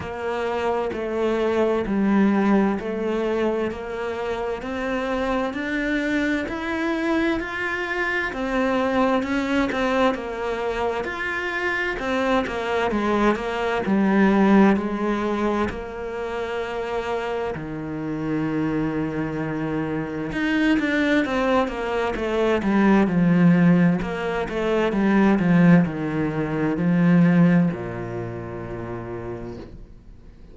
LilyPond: \new Staff \with { instrumentName = "cello" } { \time 4/4 \tempo 4 = 65 ais4 a4 g4 a4 | ais4 c'4 d'4 e'4 | f'4 c'4 cis'8 c'8 ais4 | f'4 c'8 ais8 gis8 ais8 g4 |
gis4 ais2 dis4~ | dis2 dis'8 d'8 c'8 ais8 | a8 g8 f4 ais8 a8 g8 f8 | dis4 f4 ais,2 | }